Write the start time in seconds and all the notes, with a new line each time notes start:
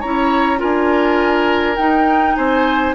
0.00 C#4 E4 C#5 A#5
0.57 D4 F4 A#4 G#5
1.77 D#4 G5
2.35 C4 C5 G#5